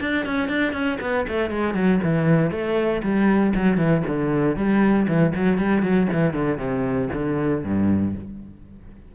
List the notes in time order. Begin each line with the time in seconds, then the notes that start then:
0.00 D4
0.26 C#4
0.48 D4
0.73 C#4
1.01 B3
1.28 A3
1.50 G#3
1.74 F#3
2.03 E3
2.51 A3
3.03 G3
3.55 F#3
3.77 E3
4.07 D3
4.56 G3
5.08 E3
5.35 F#3
5.58 G3
5.82 F#3
6.12 E3
6.33 D3
6.58 C3
7.13 D3
7.64 G2